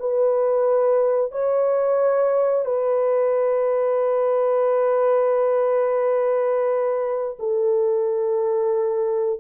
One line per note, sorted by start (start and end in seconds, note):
0.00 1.32 B4
1.32 2.66 C#5
2.66 7.38 B4
7.40 9.40 A4